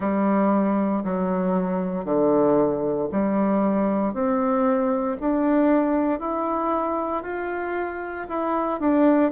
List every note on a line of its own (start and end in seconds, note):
0.00 1.03 G3
1.03 2.04 F#3
2.04 3.08 D3
3.11 4.13 G3
4.13 5.17 C4
5.20 6.19 D4
6.19 7.22 E4
7.22 8.26 F4
8.28 8.79 E4
8.79 9.31 D4